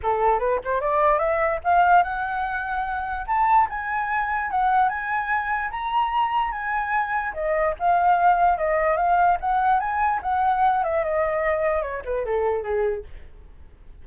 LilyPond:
\new Staff \with { instrumentName = "flute" } { \time 4/4 \tempo 4 = 147 a'4 b'8 c''8 d''4 e''4 | f''4 fis''2. | a''4 gis''2 fis''4 | gis''2 ais''2 |
gis''2 dis''4 f''4~ | f''4 dis''4 f''4 fis''4 | gis''4 fis''4. e''8 dis''4~ | dis''4 cis''8 b'8 a'4 gis'4 | }